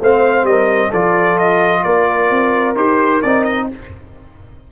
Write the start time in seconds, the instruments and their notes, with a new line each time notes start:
0.00 tuba A3, trombone C4, horn C5, trumpet F5
0.43 tuba G3, horn A#4, trumpet D#5
0.90 tuba F3, trombone F4, horn A4, trumpet D5
1.38 trumpet D#5
1.83 tuba A#3, horn A#4, trumpet D5
2.30 tuba C4
2.76 tuba D#4, trombone G4, trumpet C5
3.22 tuba C4, trombone D#4, trumpet D5
3.44 trumpet D#5